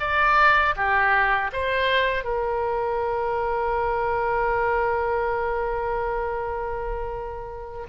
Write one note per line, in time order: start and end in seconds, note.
0.00 0.75 D5
0.76 1.51 G4
1.53 2.24 C5
2.24 7.87 A#4